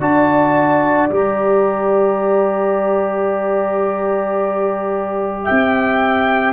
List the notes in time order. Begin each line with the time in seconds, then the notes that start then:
0.00 D4 F#4 D5 A5
1.10 G3 G4 A#5
5.45 E5 G5
5.51 C4